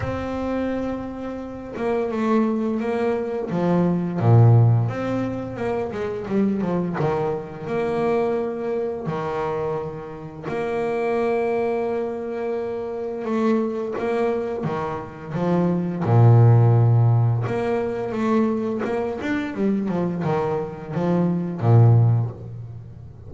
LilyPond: \new Staff \with { instrumentName = "double bass" } { \time 4/4 \tempo 4 = 86 c'2~ c'8 ais8 a4 | ais4 f4 ais,4 c'4 | ais8 gis8 g8 f8 dis4 ais4~ | ais4 dis2 ais4~ |
ais2. a4 | ais4 dis4 f4 ais,4~ | ais,4 ais4 a4 ais8 d'8 | g8 f8 dis4 f4 ais,4 | }